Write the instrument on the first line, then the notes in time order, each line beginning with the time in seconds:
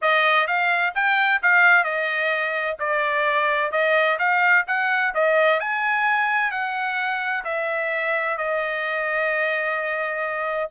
trumpet
0.01 D#5
0.47 F5
0.95 G5
1.42 F5
1.84 D#5
2.79 D5
3.71 D#5
4.18 F5
4.67 F#5
5.14 D#5
5.60 G#5
6.51 F#5
7.44 E5
8.37 D#5